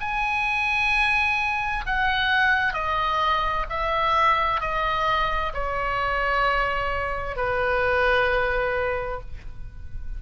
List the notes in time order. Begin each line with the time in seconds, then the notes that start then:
0.00 G#5
1.86 F#5
2.73 D#5
3.69 E5
4.60 D#5
5.53 C#5
7.36 B4